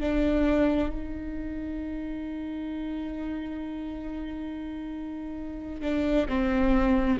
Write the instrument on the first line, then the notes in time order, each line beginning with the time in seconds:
viola
0.00 D4
0.90 D#4
5.82 D4
6.28 C4